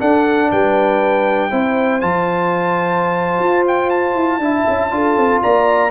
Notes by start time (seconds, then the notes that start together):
0.00 D4 A4 F#5
0.52 G3 B4 G5
1.51 C4 E4 C5
2.01 F3 F4 A5
3.39 F4
3.67 G5
3.90 A5
4.14 E4
4.39 D4 E4 E5
4.68 C#4
4.91 D4 F4 A4
5.17 C4
5.42 A#3 D5 A#5